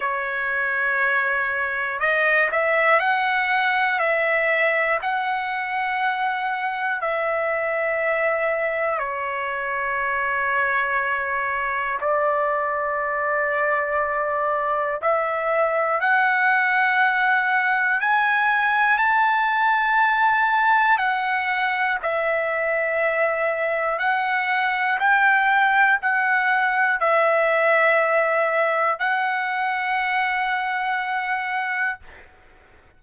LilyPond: \new Staff \with { instrumentName = "trumpet" } { \time 4/4 \tempo 4 = 60 cis''2 dis''8 e''8 fis''4 | e''4 fis''2 e''4~ | e''4 cis''2. | d''2. e''4 |
fis''2 gis''4 a''4~ | a''4 fis''4 e''2 | fis''4 g''4 fis''4 e''4~ | e''4 fis''2. | }